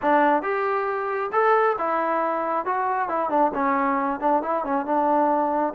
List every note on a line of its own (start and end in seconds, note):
0.02 0.42 D4
0.42 1.30 G4
1.32 1.76 A4
1.78 2.65 E4
2.65 3.08 F#4
3.08 3.29 E4
3.29 3.51 D4
3.53 4.20 C#4
4.20 4.42 D4
4.42 4.64 E4
4.64 4.85 C#4
4.85 5.73 D4